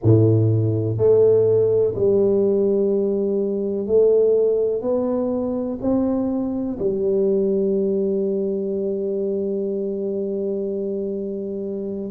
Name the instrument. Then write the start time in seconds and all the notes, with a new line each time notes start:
tuba
0.03 A2
0.97 A3
1.95 G3
3.87 A3
4.81 B3
5.81 C4
6.79 G3